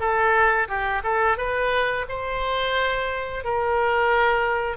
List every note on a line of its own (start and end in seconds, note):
0.00 0.68 A4
0.68 1.02 G4
1.04 1.38 A4
1.38 2.06 B4
2.09 3.45 C5
3.45 4.77 A#4